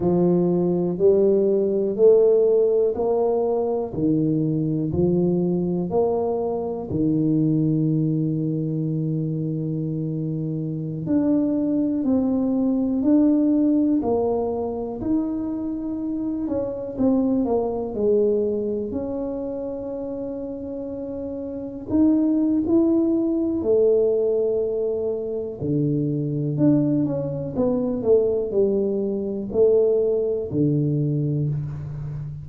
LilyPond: \new Staff \with { instrumentName = "tuba" } { \time 4/4 \tempo 4 = 61 f4 g4 a4 ais4 | dis4 f4 ais4 dis4~ | dis2.~ dis16 d'8.~ | d'16 c'4 d'4 ais4 dis'8.~ |
dis'8. cis'8 c'8 ais8 gis4 cis'8.~ | cis'2~ cis'16 dis'8. e'4 | a2 d4 d'8 cis'8 | b8 a8 g4 a4 d4 | }